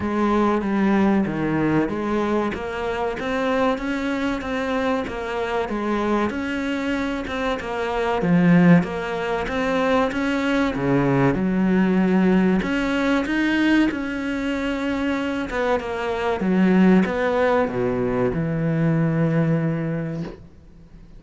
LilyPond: \new Staff \with { instrumentName = "cello" } { \time 4/4 \tempo 4 = 95 gis4 g4 dis4 gis4 | ais4 c'4 cis'4 c'4 | ais4 gis4 cis'4. c'8 | ais4 f4 ais4 c'4 |
cis'4 cis4 fis2 | cis'4 dis'4 cis'2~ | cis'8 b8 ais4 fis4 b4 | b,4 e2. | }